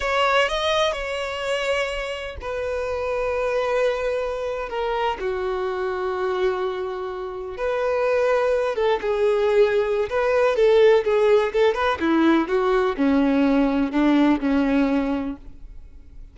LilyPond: \new Staff \with { instrumentName = "violin" } { \time 4/4 \tempo 4 = 125 cis''4 dis''4 cis''2~ | cis''4 b'2.~ | b'4.~ b'16 ais'4 fis'4~ fis'16~ | fis'2.~ fis'8. b'16~ |
b'2~ b'16 a'8 gis'4~ gis'16~ | gis'4 b'4 a'4 gis'4 | a'8 b'8 e'4 fis'4 cis'4~ | cis'4 d'4 cis'2 | }